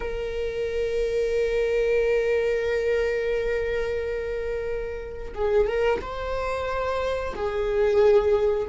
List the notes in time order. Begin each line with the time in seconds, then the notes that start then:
0.00 A#4
5.34 G#4
5.67 A#4
6.01 C5
7.35 G#4